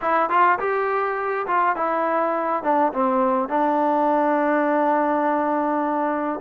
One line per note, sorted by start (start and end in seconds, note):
0.01 0.29 E4
0.29 0.59 F4
0.59 1.46 G4
1.46 1.76 F4
1.76 2.63 E4
2.63 2.92 D4
2.93 3.48 C4
3.48 6.40 D4